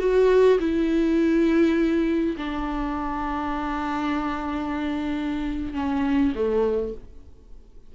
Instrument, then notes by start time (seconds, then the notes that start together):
viola
0.00 F#4
0.60 E4
2.38 D4
5.75 C#4
6.36 A3